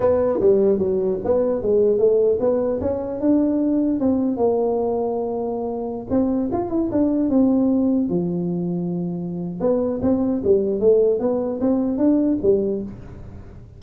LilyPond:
\new Staff \with { instrumentName = "tuba" } { \time 4/4 \tempo 4 = 150 b4 g4 fis4 b4 | gis4 a4 b4 cis'4 | d'2 c'4 ais4~ | ais2.~ ais16 c'8.~ |
c'16 f'8 e'8 d'4 c'4.~ c'16~ | c'16 f2.~ f8. | b4 c'4 g4 a4 | b4 c'4 d'4 g4 | }